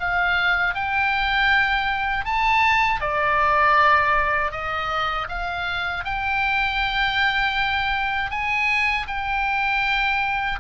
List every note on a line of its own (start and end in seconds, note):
0.00 0.75 F5
0.75 2.25 G5
2.25 3.01 A5
3.01 4.51 D5
4.51 5.27 D#5
5.29 6.04 F5
6.04 8.30 G5
8.30 9.06 G#5
9.08 10.59 G5